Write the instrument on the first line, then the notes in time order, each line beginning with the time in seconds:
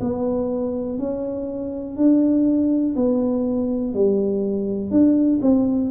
tuba
0.00 B3
0.98 C#4
1.97 D4
2.96 B3
3.94 G3
4.90 D4
5.42 C4